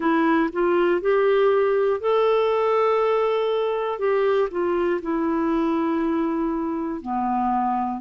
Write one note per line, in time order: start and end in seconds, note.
0.00 0.50 E4
0.52 1.00 F4
1.00 2.00 G4
2.00 3.99 A4
3.99 4.49 G4
4.50 5.00 F4
5.02 7.01 E4
7.01 8.00 B3